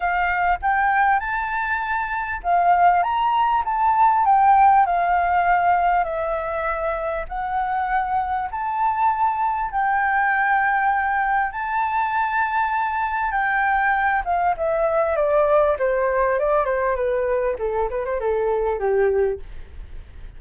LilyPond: \new Staff \with { instrumentName = "flute" } { \time 4/4 \tempo 4 = 99 f''4 g''4 a''2 | f''4 ais''4 a''4 g''4 | f''2 e''2 | fis''2 a''2 |
g''2. a''4~ | a''2 g''4. f''8 | e''4 d''4 c''4 d''8 c''8 | b'4 a'8 b'16 c''16 a'4 g'4 | }